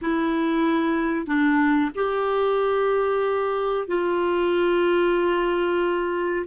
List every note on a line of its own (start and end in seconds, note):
0.01 1.26 E4
1.26 1.90 D4
1.95 3.87 G4
3.87 6.45 F4